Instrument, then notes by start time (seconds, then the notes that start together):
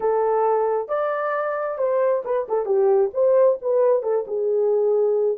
horn
0.00 A4
0.88 D5
1.78 C5
2.24 B4
2.48 A4
2.65 G4
3.13 C5
3.61 B4
4.03 A4
4.27 G#4